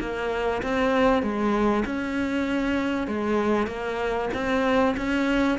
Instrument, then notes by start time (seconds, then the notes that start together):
cello
0.00 A#3
0.62 C4
1.22 G#3
1.85 C#4
3.07 G#3
3.67 A#3
4.34 C4
4.97 C#4